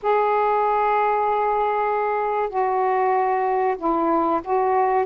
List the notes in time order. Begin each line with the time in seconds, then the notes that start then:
0.02 G#4
2.49 F#4
3.78 E4
4.44 F#4